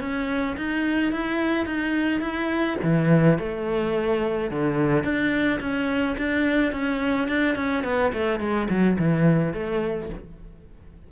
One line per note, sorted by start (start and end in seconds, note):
0.00 0.56 C#4
0.57 1.12 D#4
1.12 1.65 E4
1.65 2.20 D#4
2.20 2.77 E4
2.83 3.38 E3
3.38 4.50 A3
4.50 5.04 D3
5.04 5.60 D4
5.60 6.16 C#4
6.18 6.72 D4
6.72 7.28 C#4
7.28 7.55 D4
7.55 7.84 C#4
7.84 8.12 B3
8.13 8.40 A3
8.40 8.68 G#3
8.69 8.97 F#3
8.98 9.53 E3
9.53 10.09 A3